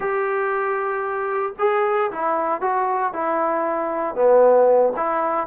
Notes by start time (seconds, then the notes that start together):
0.00 G4
1.59 G#4
2.11 E4
2.61 F#4
3.13 E4
4.15 B3
4.96 E4